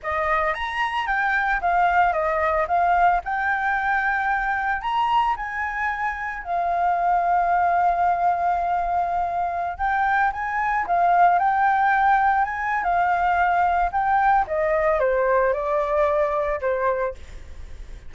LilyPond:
\new Staff \with { instrumentName = "flute" } { \time 4/4 \tempo 4 = 112 dis''4 ais''4 g''4 f''4 | dis''4 f''4 g''2~ | g''4 ais''4 gis''2 | f''1~ |
f''2~ f''16 g''4 gis''8.~ | gis''16 f''4 g''2 gis''8. | f''2 g''4 dis''4 | c''4 d''2 c''4 | }